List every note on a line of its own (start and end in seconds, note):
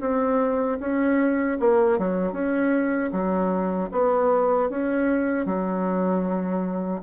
0.00 0.78 C4
0.79 1.57 C#4
1.59 1.98 A#3
1.98 2.32 F#3
2.32 3.10 C#4
3.11 3.89 F#3
3.91 4.69 B3
4.69 5.45 C#4
5.45 7.01 F#3